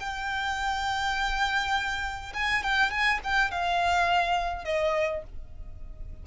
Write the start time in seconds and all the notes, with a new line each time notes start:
0.00 G5
2.34 G#5
2.63 G5
2.91 G#5
3.24 G5
3.51 F5
4.65 D#5